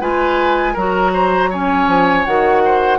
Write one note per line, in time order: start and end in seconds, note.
0.00 0.75 G#3
0.00 0.75 F4
0.00 0.73 B4
0.00 0.76 G#5
0.73 1.87 F#3
0.73 1.53 F#4
0.73 1.11 A#4
0.73 1.52 A#5
1.13 1.50 C5
1.50 2.26 C#4
1.50 2.62 C#5
1.50 2.25 G#5
1.87 2.24 F3
2.25 2.98 D#3
2.25 2.98 F#4
2.25 2.98 F#5
2.65 2.98 C5